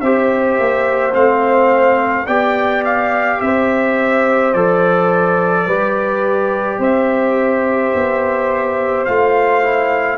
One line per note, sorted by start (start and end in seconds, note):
0.00 0.58 C4
0.00 1.12 G4
0.00 2.26 C5
0.00 1.13 E5
0.59 1.14 A#3
1.12 2.27 A3
1.12 2.25 C4
1.12 2.26 F5
2.26 3.40 B3
2.26 4.54 G4
2.26 3.39 D5
2.26 2.83 G5
2.84 3.40 F5
3.40 4.54 C4
3.40 5.66 C5
3.40 4.53 E5
4.53 5.66 F3
4.53 5.69 A4
4.53 6.79 D5
5.66 6.78 G3
5.66 9.08 G4
5.66 6.79 B4
6.78 7.91 C4
6.78 10.17 C5
6.78 9.05 E5
7.94 9.07 B3
9.05 10.17 A3
9.05 9.63 F4
9.05 10.17 F5
9.63 10.17 E4